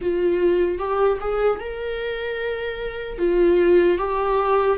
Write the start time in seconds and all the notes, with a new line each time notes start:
0.01 F4
0.78 G4
1.20 G#4
1.59 A#4
3.18 F4
3.98 G4